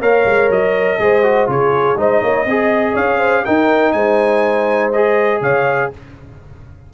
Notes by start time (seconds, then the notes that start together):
0.00 A#3 A#4 C#5 F5
0.26 G#3
0.50 F#3 D#5
1.00 G#3 G#4 C5
1.23 F#4
1.47 C#3 F4 G#4 C#5
1.96 G#3 D#4 C5 D#5
2.21 A#3 C#5
2.46 C4 G#4 D#5
2.94 C#4 C#5 F5
3.19 C5
3.45 D#4 A#4 G5
3.93 G#3 C5 G#5
4.92 G#4 D#5
5.41 C#3 C#5 F5